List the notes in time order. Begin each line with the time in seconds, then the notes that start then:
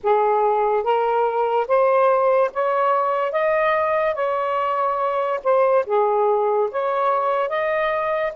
0.03 G#4
0.83 A#4
1.67 C5
2.53 C#5
3.31 D#5
4.14 C#5
5.43 C5
5.86 G#4
6.71 C#5
7.49 D#5